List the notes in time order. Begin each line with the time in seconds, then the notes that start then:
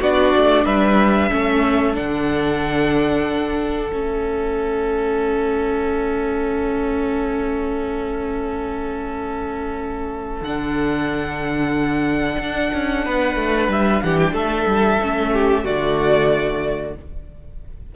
0.00 B3 D4 F#4 D5
0.36 A3
0.65 G3 B4 E5
1.30 A3 C#4 A4
1.94 D3 D4 F#5
3.91 A3 C#4 E5
10.41 D3 D4 F#5
12.38 D4
12.73 C#4
13.05 B3 B4
13.35 A3
13.68 G3 E5
14.02 E3 G4 F#5
14.19 G5
14.32 A3 A4 E5
14.66 G3
15.01 A3 C#4
15.33 G4
15.64 D3 A3 F#4 D5